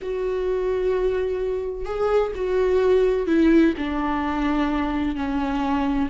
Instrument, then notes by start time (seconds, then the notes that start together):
viola
0.01 F#4
1.85 G#4
2.35 F#4
3.27 E4
3.77 D4
5.15 C#4